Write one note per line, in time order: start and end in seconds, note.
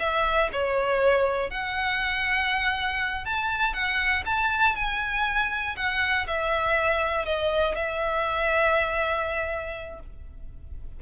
0.00 0.50 E5
0.53 1.51 C#5
1.51 3.26 F#5
3.26 3.74 A5
3.74 4.24 F#5
4.26 4.76 A5
4.76 5.76 G#5
5.77 6.27 F#5
6.27 7.26 E5
7.26 7.76 D#5
7.76 10.01 E5